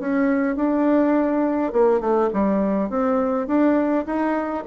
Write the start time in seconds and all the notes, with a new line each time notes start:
0.00 C#4
0.56 D4
1.73 A#3
2.01 A3
2.34 G3
2.90 C4
3.48 D4
4.06 D#4